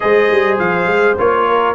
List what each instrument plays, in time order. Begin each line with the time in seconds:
0.00 tuba G#3, trombone G#4, horn C5, trumpet D#5
0.31 tuba G3
0.58 tuba F3, trumpet F5
0.86 tuba G#3
1.18 tuba A#3, trombone F4, trumpet C#5
1.47 horn A#4